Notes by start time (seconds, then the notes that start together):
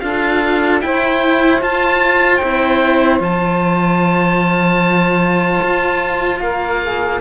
0.00 D4 F4 A4 F5
0.81 E4 C5 G5
1.61 F4 A5
2.37 E4 G5
2.44 C4
3.20 F3 F4 A5
5.62 F4
6.41 A#3 A#4 F5
6.82 G#4